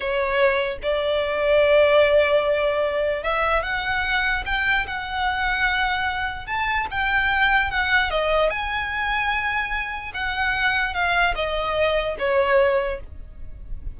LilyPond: \new Staff \with { instrumentName = "violin" } { \time 4/4 \tempo 4 = 148 cis''2 d''2~ | d''1 | e''4 fis''2 g''4 | fis''1 |
a''4 g''2 fis''4 | dis''4 gis''2.~ | gis''4 fis''2 f''4 | dis''2 cis''2 | }